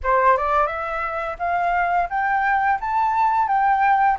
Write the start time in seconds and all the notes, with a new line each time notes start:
0.03 C5
0.37 D5
0.67 E5
1.39 F5
2.09 G5
2.80 A5
3.47 G5